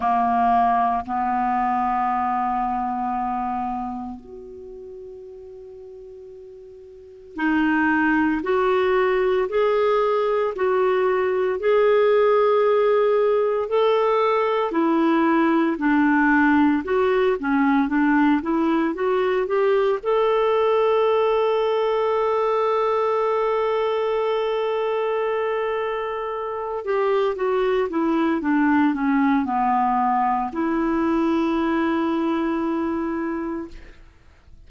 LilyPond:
\new Staff \with { instrumentName = "clarinet" } { \time 4/4 \tempo 4 = 57 ais4 b2. | fis'2. dis'4 | fis'4 gis'4 fis'4 gis'4~ | gis'4 a'4 e'4 d'4 |
fis'8 cis'8 d'8 e'8 fis'8 g'8 a'4~ | a'1~ | a'4. g'8 fis'8 e'8 d'8 cis'8 | b4 e'2. | }